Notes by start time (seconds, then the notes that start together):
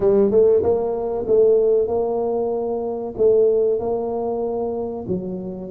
0.00 G3
0.30 A3
0.62 A#3
1.27 A3
1.87 A#3
3.17 A3
3.79 A#3
5.07 F#3